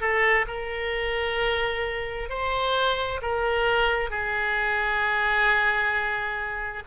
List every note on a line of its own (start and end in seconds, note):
0.00 0.45 A4
0.47 2.29 A#4
2.29 3.20 C5
3.21 4.10 A#4
4.10 6.83 G#4